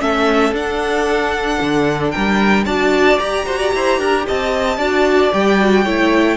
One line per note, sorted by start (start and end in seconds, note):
0.00 0.52 A3
0.00 0.53 C#4
0.00 2.13 A4
0.00 0.54 E5
0.52 1.59 D4
0.52 2.67 D4
0.52 2.12 F#5
1.61 2.14 D3
2.12 2.66 G3
2.12 2.66 A#4
2.12 2.65 G5
2.66 3.19 D4
2.66 3.19 F#4
2.66 3.46 D5
2.66 3.19 A5
3.19 4.79 G4
3.19 3.47 G4
3.19 4.26 A#5
3.46 3.73 F#4
3.46 3.59 C5
3.59 3.72 D5
3.75 3.99 E4
3.75 4.00 C5
3.99 4.25 D4
3.99 4.27 A#4
4.27 4.78 C4
4.27 4.78 D#5
4.27 5.33 A5
4.78 5.31 D4
4.78 5.33 F#4
4.78 5.85 D5
5.33 5.86 G3
5.33 5.59 G4
5.33 6.37 G5
5.59 5.86 F#4
5.85 6.37 A3
5.85 6.37 E4
5.85 6.37 C#5